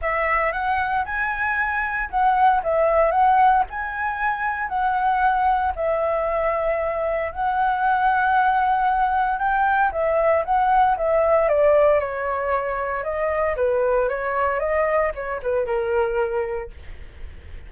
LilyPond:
\new Staff \with { instrumentName = "flute" } { \time 4/4 \tempo 4 = 115 e''4 fis''4 gis''2 | fis''4 e''4 fis''4 gis''4~ | gis''4 fis''2 e''4~ | e''2 fis''2~ |
fis''2 g''4 e''4 | fis''4 e''4 d''4 cis''4~ | cis''4 dis''4 b'4 cis''4 | dis''4 cis''8 b'8 ais'2 | }